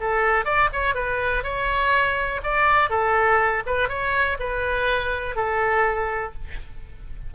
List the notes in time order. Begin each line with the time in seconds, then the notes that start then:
0.00 A4
0.45 D5
0.73 C#5
0.95 B4
1.43 C#5
2.43 D5
2.90 A4
3.66 B4
3.89 C#5
4.39 B4
5.36 A4